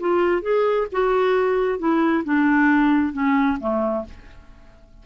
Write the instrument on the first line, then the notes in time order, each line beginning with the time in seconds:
clarinet
0.00 F4
0.42 G#4
0.92 F#4
1.79 E4
2.24 D4
3.13 C#4
3.60 A3